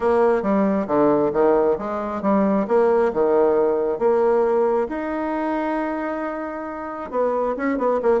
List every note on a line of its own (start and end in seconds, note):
0.00 0.42 A#3
0.42 0.86 G3
0.87 1.31 D3
1.32 1.77 D#3
1.78 2.22 G#3
2.22 2.66 G3
2.67 3.12 A#3
3.13 3.98 D#3
3.98 4.87 A#3
4.88 7.11 D#4
7.11 7.55 B3
7.57 7.78 C#4
7.78 8.00 B3
8.02 8.20 A#3